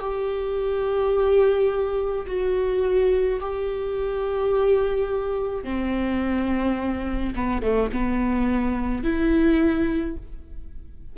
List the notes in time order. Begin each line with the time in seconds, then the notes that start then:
0.00 G4
2.27 F#4
3.41 G4
5.64 C4
7.36 B3
7.63 A3
7.92 B3
9.04 E4